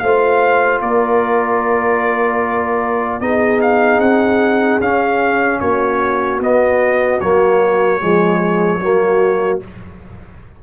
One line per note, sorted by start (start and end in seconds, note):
0.00 0.81 A3
0.00 3.22 F4
0.00 0.83 C5
0.00 0.80 F5
0.81 3.21 A#3
0.81 3.22 A#4
0.81 3.21 D5
3.21 3.99 B3
3.21 4.82 D#4
3.21 5.61 G#4
3.21 3.61 D#5
3.62 4.01 F5
3.99 4.79 C4
3.99 4.81 F#5
4.81 5.61 C#4
4.81 6.41 C#4
4.81 5.60 F5
5.60 6.40 A#3
5.60 8.01 F#4
5.60 6.40 C#5
6.40 7.20 B3
6.40 7.21 B3
6.40 7.21 D#5
7.21 8.02 F#3
7.21 8.01 A#3
7.21 9.61 C#5
8.01 8.79 F3
8.01 8.81 G#3
8.01 8.82 G#4
8.79 9.59 F#3
8.79 9.61 A#3
8.79 9.63 F#4